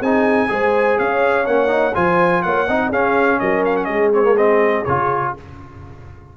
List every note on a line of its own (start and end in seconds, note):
0.00 0.49 C4
0.00 0.49 D#4
0.00 0.48 G#4
0.00 0.99 G#5
0.49 0.99 G#3
0.49 1.46 G#4
0.49 1.00 C5
0.99 1.47 C#4
0.99 1.96 C#5
0.99 1.47 F5
1.47 1.96 A#3
1.47 1.68 C#4
1.47 1.95 F#5
1.68 1.92 D#4
1.95 2.45 F3
1.95 2.67 F4
1.95 2.44 C5
1.95 2.43 G#5
2.43 2.69 A#3
2.43 2.68 C#5
2.43 2.91 F#5
2.68 2.92 C4
2.68 2.93 D#4
2.68 2.90 D#5
2.90 3.41 C#4
2.90 4.14 C#4
2.90 3.39 G#4
2.90 3.40 F5
3.40 3.89 F#3
3.40 3.88 A#4
3.40 3.64 D#5
3.66 3.77 F5
3.77 3.85 F#5
3.85 4.85 G#3
3.85 5.33 G#4
3.85 4.09 D#5
4.14 4.24 C4
4.14 4.37 C#5
4.24 4.36 A#3
4.37 4.85 C4
4.37 4.85 D#5
4.85 5.36 C#3
4.85 5.37 F4
4.85 5.33 C#5